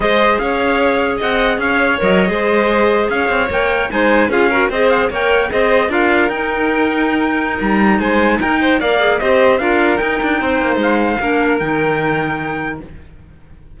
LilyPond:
<<
  \new Staff \with { instrumentName = "trumpet" } { \time 4/4 \tempo 4 = 150 dis''4 f''2 fis''4 | f''4 dis''2~ dis''8. f''16~ | f''8. g''4 gis''4 f''4 dis''16~ | dis''16 f''8 g''4 dis''4 f''4 g''16~ |
g''2. ais''4 | gis''4 g''4 f''4 dis''4 | f''4 g''2 f''4~ | f''4 g''2. | }
  \new Staff \with { instrumentName = "violin" } { \time 4/4 c''4 cis''2 dis''4 | cis''4.~ cis''16 c''2 cis''16~ | cis''4.~ cis''16 c''4 gis'8 ais'8 c''16~ | c''8. cis''4 c''4 ais'4~ ais'16~ |
ais'1 | c''4 ais'8 c''8 d''4 c''4 | ais'2 c''2 | ais'1 | }
  \new Staff \with { instrumentName = "clarinet" } { \time 4/4 gis'1~ | gis'4 ais'8. gis'2~ gis'16~ | gis'8. ais'4 dis'4 f'8 fis'8 gis'16~ | gis'8. ais'4 gis'4 f'4 dis'16~ |
dis'1~ | dis'2 ais'8 gis'8 g'4 | f'4 dis'2. | d'4 dis'2. | }
  \new Staff \with { instrumentName = "cello" } { \time 4/4 gis4 cis'2 c'4 | cis'4 fis8. gis2 cis'16~ | cis'16 c'8 ais4 gis4 cis'4 c'16~ | c'8. ais4 c'4 d'4 dis'16~ |
dis'2. g4 | gis4 dis'4 ais4 c'4 | d'4 dis'8 d'8 c'8 ais8 gis4 | ais4 dis2. | }
>>